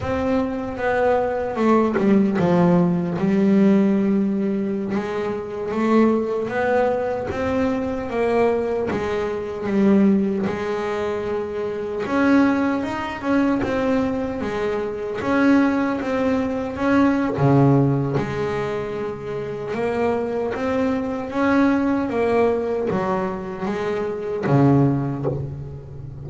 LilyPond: \new Staff \with { instrumentName = "double bass" } { \time 4/4 \tempo 4 = 76 c'4 b4 a8 g8 f4 | g2~ g16 gis4 a8.~ | a16 b4 c'4 ais4 gis8.~ | gis16 g4 gis2 cis'8.~ |
cis'16 dis'8 cis'8 c'4 gis4 cis'8.~ | cis'16 c'4 cis'8. cis4 gis4~ | gis4 ais4 c'4 cis'4 | ais4 fis4 gis4 cis4 | }